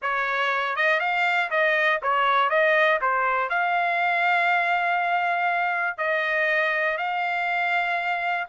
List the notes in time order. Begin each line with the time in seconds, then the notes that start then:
0.02 C#5
0.76 D#5
1.00 F5
1.50 D#5
2.02 C#5
2.49 D#5
3.01 C5
3.49 F5
5.97 D#5
6.97 F5